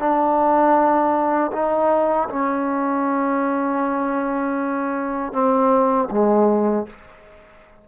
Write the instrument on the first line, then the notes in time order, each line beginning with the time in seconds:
trombone
0.00 D4
1.53 D#4
2.30 C#4
5.33 C4
6.11 G#3